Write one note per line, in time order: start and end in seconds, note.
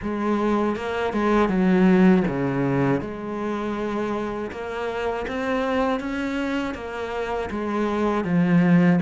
0.02 0.76 G#3
0.76 1.12 A#3
1.12 1.48 G#3
1.48 2.23 F#3
2.27 3.00 C#3
3.00 4.50 G#3
4.51 5.26 A#3
5.27 6.00 C4
6.00 6.74 C#4
6.74 7.49 A#3
7.50 8.24 G#3
8.24 8.99 F3